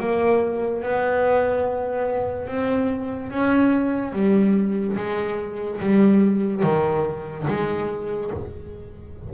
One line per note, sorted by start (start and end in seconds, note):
0.00 0.83 A#3
0.83 2.48 B3
2.48 3.31 C4
3.31 4.13 C#4
4.13 4.96 G3
4.97 5.80 G#3
5.80 6.63 G3
6.63 7.47 D#3
7.47 8.31 G#3